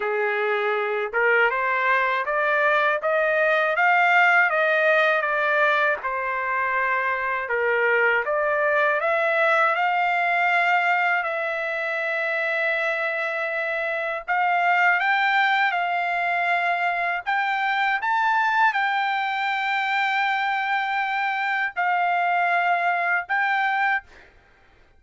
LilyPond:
\new Staff \with { instrumentName = "trumpet" } { \time 4/4 \tempo 4 = 80 gis'4. ais'8 c''4 d''4 | dis''4 f''4 dis''4 d''4 | c''2 ais'4 d''4 | e''4 f''2 e''4~ |
e''2. f''4 | g''4 f''2 g''4 | a''4 g''2.~ | g''4 f''2 g''4 | }